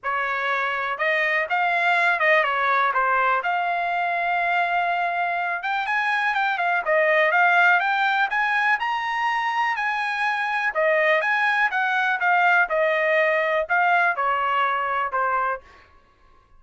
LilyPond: \new Staff \with { instrumentName = "trumpet" } { \time 4/4 \tempo 4 = 123 cis''2 dis''4 f''4~ | f''8 dis''8 cis''4 c''4 f''4~ | f''2.~ f''8 g''8 | gis''4 g''8 f''8 dis''4 f''4 |
g''4 gis''4 ais''2 | gis''2 dis''4 gis''4 | fis''4 f''4 dis''2 | f''4 cis''2 c''4 | }